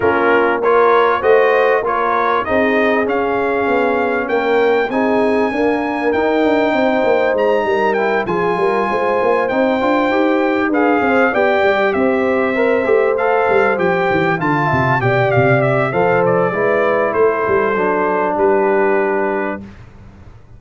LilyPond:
<<
  \new Staff \with { instrumentName = "trumpet" } { \time 4/4 \tempo 4 = 98 ais'4 cis''4 dis''4 cis''4 | dis''4 f''2 g''4 | gis''2 g''2 | ais''4 g''8 gis''2 g''8~ |
g''4. f''4 g''4 e''8~ | e''4. f''4 g''4 a''8~ | a''8 g''8 f''8 e''8 f''8 d''4. | c''2 b'2 | }
  \new Staff \with { instrumentName = "horn" } { \time 4/4 f'4 ais'4 c''4 ais'4 | gis'2. ais'4 | gis'4 ais'2 c''4~ | c''8 ais'4 gis'8 ais'8 c''4.~ |
c''4. b'8 c''8 d''4 c''8~ | c''2.~ c''8 f''8 | e''8 d''4. c''4 b'4 | a'2 g'2 | }
  \new Staff \with { instrumentName = "trombone" } { \time 4/4 cis'4 f'4 fis'4 f'4 | dis'4 cis'2. | dis'4 ais4 dis'2~ | dis'4 e'8 f'2 dis'8 |
f'8 g'4 gis'4 g'4.~ | g'8 ais'8 g'8 a'4 g'4 f'8~ | f'8 g'4. a'4 e'4~ | e'4 d'2. | }
  \new Staff \with { instrumentName = "tuba" } { \time 4/4 ais2 a4 ais4 | c'4 cis'4 b4 ais4 | c'4 d'4 dis'8 d'8 c'8 ais8 | gis8 g4 f8 g8 gis8 ais8 c'8 |
d'8 dis'4 d'8 c'8 b8 g8 c'8~ | c'4 a4 g8 f8 e8 d8 | c8 b,8 c4 f4 gis4 | a8 g8 fis4 g2 | }
>>